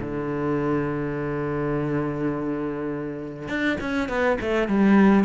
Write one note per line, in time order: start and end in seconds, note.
0.00 3.48 D3
3.48 3.77 D4
3.80 4.08 C#4
4.08 4.37 B3
4.40 4.68 A3
4.68 5.24 G3